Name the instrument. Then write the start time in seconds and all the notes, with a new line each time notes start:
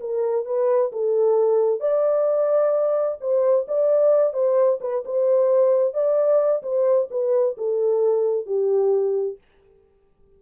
horn
0.00 A#4
0.45 B4
0.92 A4
1.80 D5
3.20 C5
3.68 D5
4.33 C5
4.81 B4
5.05 C5
5.94 D5
6.62 C5
7.10 B4
7.57 A4
8.46 G4